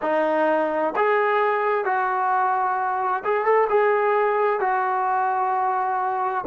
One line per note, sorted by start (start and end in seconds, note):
0.02 0.94 D#4
0.96 1.85 G#4
1.85 3.23 F#4
3.24 3.44 G#4
3.44 3.67 A4
3.69 4.59 G#4
4.59 6.44 F#4